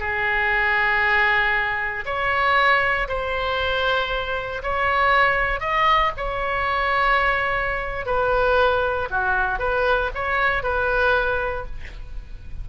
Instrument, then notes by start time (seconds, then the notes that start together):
oboe
0.00 G#4
2.06 C#5
3.09 C5
4.63 C#5
5.61 D#5
6.17 C#5
8.07 B4
9.11 F#4
9.60 B4
10.15 C#5
10.64 B4